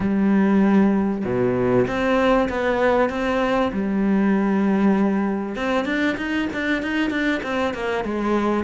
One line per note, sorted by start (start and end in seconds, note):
0.00 1.24 G3
1.24 1.86 B2
1.87 2.49 C4
2.49 3.09 B3
3.09 3.71 C4
3.72 5.55 G3
5.55 5.85 C4
5.85 6.16 D4
6.17 6.48 D#4
6.53 6.82 D4
6.82 7.10 D#4
7.10 7.41 D4
7.43 7.73 C4
7.73 8.04 A#3
8.04 8.64 G#3